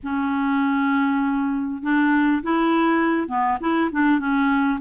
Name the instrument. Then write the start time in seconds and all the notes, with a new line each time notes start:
clarinet
0.03 C#4
1.82 D4
2.42 E4
3.28 B3
3.60 E4
3.91 D4
4.19 C#4